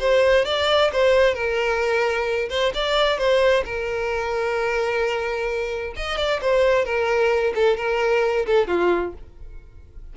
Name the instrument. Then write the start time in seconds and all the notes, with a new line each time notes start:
violin
0.00 C5
0.45 D5
0.93 C5
1.34 A#4
2.50 C5
2.74 D5
3.18 C5
3.65 A#4
5.96 D#5
6.17 D5
6.42 C5
6.85 A#4
7.55 A4
7.77 A#4
8.46 A4
8.68 F4